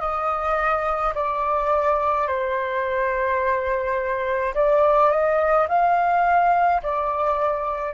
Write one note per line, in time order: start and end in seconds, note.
0.00 1.13 D#5
1.15 2.28 D5
2.28 4.54 C5
4.54 5.11 D5
5.11 5.68 D#5
5.69 6.82 F5
6.83 7.95 D5